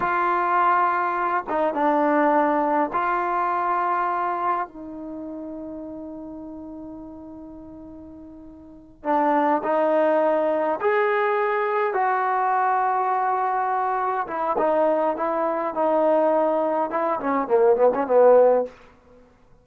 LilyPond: \new Staff \with { instrumentName = "trombone" } { \time 4/4 \tempo 4 = 103 f'2~ f'8 dis'8 d'4~ | d'4 f'2. | dis'1~ | dis'2.~ dis'8 d'8~ |
d'8 dis'2 gis'4.~ | gis'8 fis'2.~ fis'8~ | fis'8 e'8 dis'4 e'4 dis'4~ | dis'4 e'8 cis'8 ais8 b16 cis'16 b4 | }